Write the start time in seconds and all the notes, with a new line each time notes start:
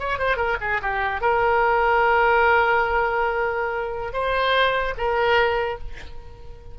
0.00 C#5
0.19 C5
0.37 A#4
0.61 G#4
0.82 G4
1.21 A#4
4.14 C5
4.98 A#4